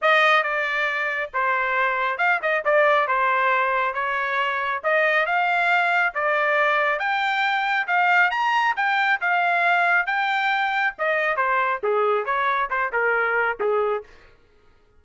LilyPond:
\new Staff \with { instrumentName = "trumpet" } { \time 4/4 \tempo 4 = 137 dis''4 d''2 c''4~ | c''4 f''8 dis''8 d''4 c''4~ | c''4 cis''2 dis''4 | f''2 d''2 |
g''2 f''4 ais''4 | g''4 f''2 g''4~ | g''4 dis''4 c''4 gis'4 | cis''4 c''8 ais'4. gis'4 | }